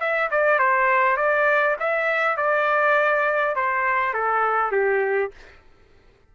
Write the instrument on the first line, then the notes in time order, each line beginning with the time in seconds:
trumpet
0.00 E5
0.31 D5
0.59 C5
1.17 D5
1.80 E5
2.37 D5
3.55 C5
4.13 A4
4.72 G4